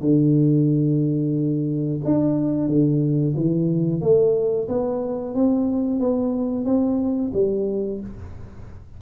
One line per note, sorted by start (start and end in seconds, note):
0.00 2.00 D3
2.04 2.68 D4
2.68 3.34 D3
3.36 4.01 E3
4.01 4.67 A3
4.68 5.34 B3
5.34 5.99 C4
5.99 6.65 B3
6.65 7.31 C4
7.33 8.00 G3